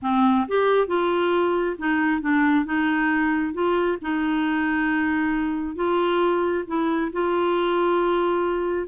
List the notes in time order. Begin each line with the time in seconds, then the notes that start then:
0.02 C4
0.48 G4
0.87 F4
1.78 D#4
2.21 D4
2.65 D#4
3.53 F4
4.01 D#4
5.75 F4
6.67 E4
7.12 F4